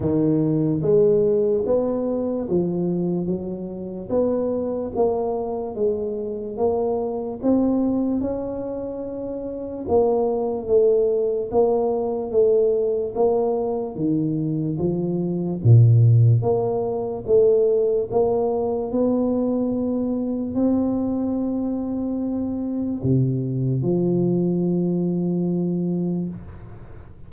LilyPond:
\new Staff \with { instrumentName = "tuba" } { \time 4/4 \tempo 4 = 73 dis4 gis4 b4 f4 | fis4 b4 ais4 gis4 | ais4 c'4 cis'2 | ais4 a4 ais4 a4 |
ais4 dis4 f4 ais,4 | ais4 a4 ais4 b4~ | b4 c'2. | c4 f2. | }